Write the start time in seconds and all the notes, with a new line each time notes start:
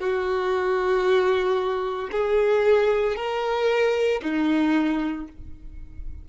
0.00 F#4
2.12 G#4
3.16 A#4
4.23 D#4